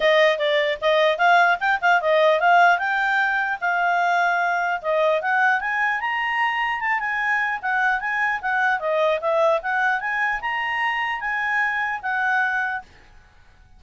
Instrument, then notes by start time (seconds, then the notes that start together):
clarinet
0.00 D#5
0.38 D5
0.81 D#5
1.18 F5
1.60 G5
1.81 F5
2.01 D#5
2.40 F5
2.78 G5
3.60 F5
4.81 D#5
5.21 F#5
5.60 G#5
6.00 A#5
6.80 A5
6.99 G#5
7.61 F#5
8.00 G#5
8.41 F#5
8.79 D#5
9.20 E5
9.62 F#5
10.00 G#5
10.41 A#5
11.20 G#5
12.02 F#5